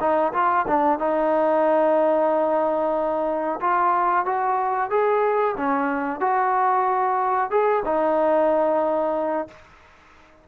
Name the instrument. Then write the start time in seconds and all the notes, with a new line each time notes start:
trombone
0.00 D#4
0.33 F4
0.67 D4
0.99 D#4
3.61 F4
4.25 F#4
4.90 G#4
5.57 C#4
6.20 F#4
7.51 G#4
7.85 D#4